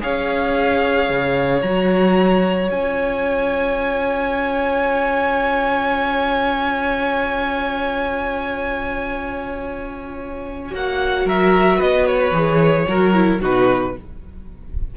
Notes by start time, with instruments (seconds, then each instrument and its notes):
0.00 cello C#4, viola G#4, violin C#5 F5
1.09 cello C#3
1.61 cello F#3, viola F#4, violin A#5
2.70 cello C#4, viola F4, violin G#5
10.71 cello A#3, viola F#4, violin F#5
11.25 cello F#3, violin A#4 E5
11.77 cello B3, violin B4 D#5
12.06 violin C#5
12.31 cello E3, viola G#4
12.87 cello F#3, viola F#4, violin A#4
13.13 viola E4
13.40 cello B2, viola D#4, violin F#4 B4